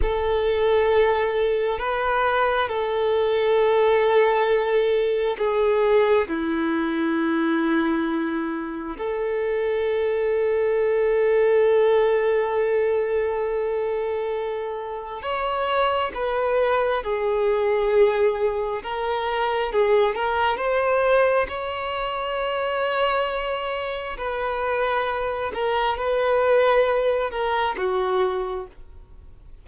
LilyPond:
\new Staff \with { instrumentName = "violin" } { \time 4/4 \tempo 4 = 67 a'2 b'4 a'4~ | a'2 gis'4 e'4~ | e'2 a'2~ | a'1~ |
a'4 cis''4 b'4 gis'4~ | gis'4 ais'4 gis'8 ais'8 c''4 | cis''2. b'4~ | b'8 ais'8 b'4. ais'8 fis'4 | }